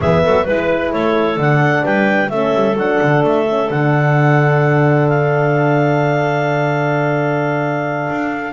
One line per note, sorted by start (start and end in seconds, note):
0.00 0.25 E3
0.00 0.47 B3
0.00 0.22 G#4
0.00 0.47 E5
0.23 0.48 F#3
0.23 0.44 A4
0.44 0.93 G#3
0.44 1.37 E4
0.44 0.90 B4
0.44 0.93 B4
0.91 1.36 A3
0.91 1.83 A4
0.91 1.39 C#5
1.36 1.82 D3
1.36 2.29 D4
1.36 1.85 F#5
1.83 2.30 G3
1.83 2.30 B4
1.83 2.29 G5
2.29 2.53 A3
2.29 2.76 C#4
2.29 8.52 A4
2.29 2.75 E5
2.54 2.75 G3
2.75 2.98 F#3
2.75 3.47 D4
2.75 3.24 F#5
3.01 3.22 D3
3.22 3.69 A3
3.22 3.70 E5
3.49 3.66 C#4
3.66 8.08 D3
3.66 8.50 D4
3.66 5.08 F#5
5.08 8.52 F5
8.10 8.52 D4